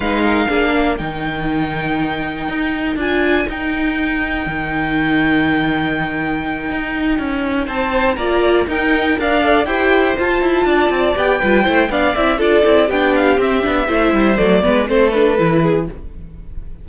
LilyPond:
<<
  \new Staff \with { instrumentName = "violin" } { \time 4/4 \tempo 4 = 121 f''2 g''2~ | g''2 gis''4 g''4~ | g''1~ | g''2.~ g''8 a''8~ |
a''8 ais''4 g''4 f''4 g''8~ | g''8 a''2 g''4. | f''8 e''8 d''4 g''8 f''8 e''4~ | e''4 d''4 c''8 b'4. | }
  \new Staff \with { instrumentName = "violin" } { \time 4/4 b'8 ais'8 gis'8 ais'2~ ais'8~ | ais'1~ | ais'1~ | ais'2.~ ais'8 c''8~ |
c''8 d''4 ais'4 d''4 c''8~ | c''4. d''4. b'8 c''8 | d''4 a'4 g'2 | c''4. b'8 a'4. gis'8 | }
  \new Staff \with { instrumentName = "viola" } { \time 4/4 dis'4 d'4 dis'2~ | dis'2 f'4 dis'4~ | dis'1~ | dis'1~ |
dis'8 f'4 dis'4 ais'8 a'8 g'8~ | g'8 f'2 g'8 f'8 e'8 | d'8 e'8 f'8 e'8 d'4 c'8 d'8 | e'4 a8 b8 c'8 d'8 e'4 | }
  \new Staff \with { instrumentName = "cello" } { \time 4/4 gis4 ais4 dis2~ | dis4 dis'4 d'4 dis'4~ | dis'4 dis2.~ | dis4. dis'4 cis'4 c'8~ |
c'8 ais4 dis'4 d'4 e'8~ | e'8 f'8 e'8 d'8 c'8 b8 g8 a8 | b8 c'8 d'8 c'8 b4 c'8 b8 | a8 g8 fis8 gis8 a4 e4 | }
>>